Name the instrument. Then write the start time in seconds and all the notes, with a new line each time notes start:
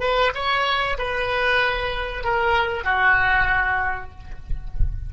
oboe
0.00 B4
0.34 C#5
0.98 B4
2.24 A#4
2.84 F#4